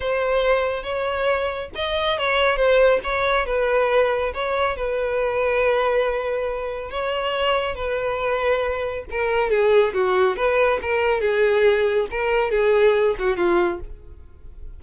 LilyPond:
\new Staff \with { instrumentName = "violin" } { \time 4/4 \tempo 4 = 139 c''2 cis''2 | dis''4 cis''4 c''4 cis''4 | b'2 cis''4 b'4~ | b'1 |
cis''2 b'2~ | b'4 ais'4 gis'4 fis'4 | b'4 ais'4 gis'2 | ais'4 gis'4. fis'8 f'4 | }